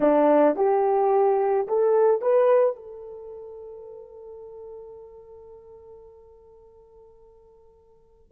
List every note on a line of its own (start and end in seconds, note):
0.00 0.56 D4
0.56 1.67 G4
1.67 2.21 A4
2.21 2.76 B4
2.76 8.31 A4